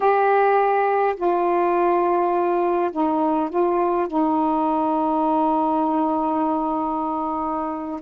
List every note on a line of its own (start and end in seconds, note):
0.00 1.15 G4
1.15 2.90 F4
2.91 3.49 D#4
3.49 4.07 F4
4.07 8.00 D#4